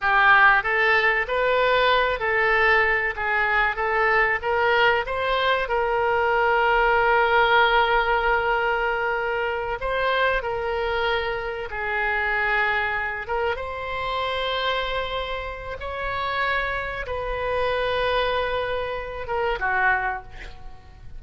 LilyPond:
\new Staff \with { instrumentName = "oboe" } { \time 4/4 \tempo 4 = 95 g'4 a'4 b'4. a'8~ | a'4 gis'4 a'4 ais'4 | c''4 ais'2.~ | ais'2.~ ais'8 c''8~ |
c''8 ais'2 gis'4.~ | gis'4 ais'8 c''2~ c''8~ | c''4 cis''2 b'4~ | b'2~ b'8 ais'8 fis'4 | }